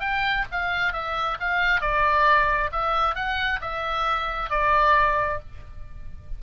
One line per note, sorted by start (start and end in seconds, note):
0.00 0.45 G5
0.52 0.93 F5
0.93 1.38 E5
1.40 1.81 F5
1.81 2.70 D5
2.72 3.15 E5
3.15 3.60 F#5
3.61 4.50 E5
4.50 5.40 D5